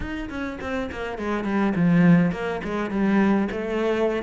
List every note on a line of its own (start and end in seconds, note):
0.00 0.29 D#4
0.29 0.58 C#4
0.61 0.90 C4
0.91 1.18 A#3
1.18 1.44 G#3
1.44 1.73 G3
1.75 2.31 F3
2.31 2.60 A#3
2.63 2.90 G#3
2.90 3.48 G3
3.51 4.22 A3